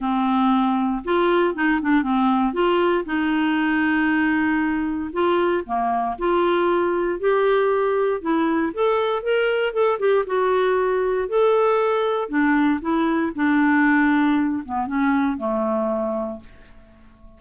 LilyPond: \new Staff \with { instrumentName = "clarinet" } { \time 4/4 \tempo 4 = 117 c'2 f'4 dis'8 d'8 | c'4 f'4 dis'2~ | dis'2 f'4 ais4 | f'2 g'2 |
e'4 a'4 ais'4 a'8 g'8 | fis'2 a'2 | d'4 e'4 d'2~ | d'8 b8 cis'4 a2 | }